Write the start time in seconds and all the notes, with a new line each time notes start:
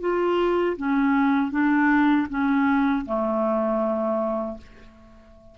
0.00 F4
0.77 C#4
1.51 D4
2.29 C#4
3.05 A3